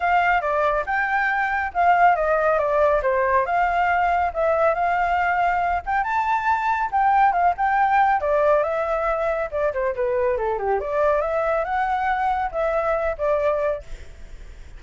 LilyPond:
\new Staff \with { instrumentName = "flute" } { \time 4/4 \tempo 4 = 139 f''4 d''4 g''2 | f''4 dis''4 d''4 c''4 | f''2 e''4 f''4~ | f''4. g''8 a''2 |
g''4 f''8 g''4. d''4 | e''2 d''8 c''8 b'4 | a'8 g'8 d''4 e''4 fis''4~ | fis''4 e''4. d''4. | }